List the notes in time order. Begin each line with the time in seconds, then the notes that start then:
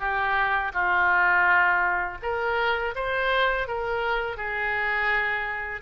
0.00 G4
0.74 F4
2.22 A#4
2.96 C5
3.68 A#4
4.37 G#4